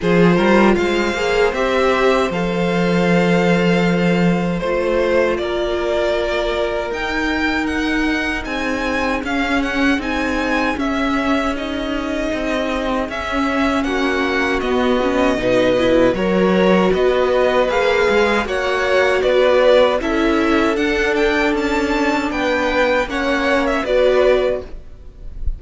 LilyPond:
<<
  \new Staff \with { instrumentName = "violin" } { \time 4/4 \tempo 4 = 78 c''4 f''4 e''4 f''4~ | f''2 c''4 d''4~ | d''4 g''4 fis''4 gis''4 | f''8 fis''8 gis''4 e''4 dis''4~ |
dis''4 e''4 fis''4 dis''4~ | dis''4 cis''4 dis''4 f''4 | fis''4 d''4 e''4 fis''8 g''8 | a''4 g''4 fis''8. e''16 d''4 | }
  \new Staff \with { instrumentName = "violin" } { \time 4/4 gis'8 ais'8 c''2.~ | c''2. ais'4~ | ais'2. gis'4~ | gis'1~ |
gis'2 fis'2 | b'4 ais'4 b'2 | cis''4 b'4 a'2~ | a'4 b'4 cis''4 b'4 | }
  \new Staff \with { instrumentName = "viola" } { \time 4/4 f'4. gis'8 g'4 a'4~ | a'2 f'2~ | f'4 dis'2. | cis'4 dis'4 cis'4 dis'4~ |
dis'4 cis'2 b8 cis'8 | dis'8 e'8 fis'2 gis'4 | fis'2 e'4 d'4~ | d'2 cis'4 fis'4 | }
  \new Staff \with { instrumentName = "cello" } { \time 4/4 f8 g8 gis8 ais8 c'4 f4~ | f2 a4 ais4~ | ais4 dis'2 c'4 | cis'4 c'4 cis'2 |
c'4 cis'4 ais4 b4 | b,4 fis4 b4 ais8 gis8 | ais4 b4 cis'4 d'4 | cis'4 b4 ais4 b4 | }
>>